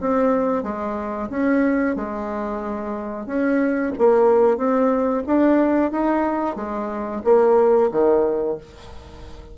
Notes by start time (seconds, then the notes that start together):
0.00 C4
0.63 G#3
1.30 C#4
1.96 G#3
3.26 C#4
3.98 A#3
4.57 C4
5.27 D4
5.91 D#4
6.56 G#3
7.24 A#3
7.91 D#3